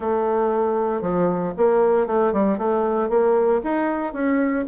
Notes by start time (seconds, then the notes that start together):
0.00 A3
1.01 F3
1.57 A#3
2.07 A3
2.32 G3
2.58 A3
3.09 A#3
3.63 D#4
4.13 C#4